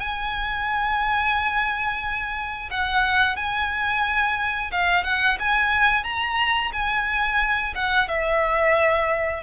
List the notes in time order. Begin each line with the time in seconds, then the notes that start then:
0.00 G#5
2.71 F#5
3.37 G#5
4.72 F5
5.04 F#5
5.40 G#5
6.04 A#5
6.73 G#5
7.75 F#5
8.09 E5